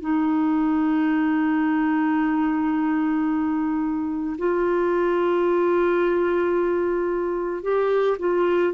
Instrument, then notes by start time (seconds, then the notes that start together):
clarinet
0.00 D#4
4.37 F4
7.63 G4
8.19 F4